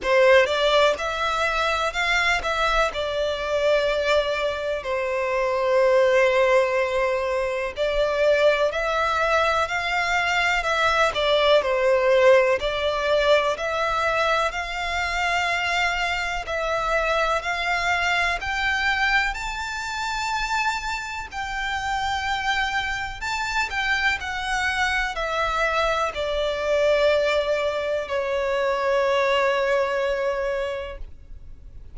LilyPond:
\new Staff \with { instrumentName = "violin" } { \time 4/4 \tempo 4 = 62 c''8 d''8 e''4 f''8 e''8 d''4~ | d''4 c''2. | d''4 e''4 f''4 e''8 d''8 | c''4 d''4 e''4 f''4~ |
f''4 e''4 f''4 g''4 | a''2 g''2 | a''8 g''8 fis''4 e''4 d''4~ | d''4 cis''2. | }